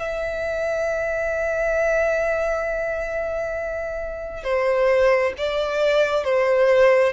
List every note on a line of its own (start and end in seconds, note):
0.00 4.44 E5
4.44 5.34 C5
5.38 6.24 D5
6.24 7.13 C5